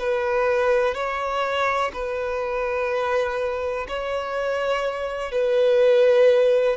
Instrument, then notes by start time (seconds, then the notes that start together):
violin
0.00 B4
0.95 C#5
1.94 B4
3.88 C#5
5.32 B4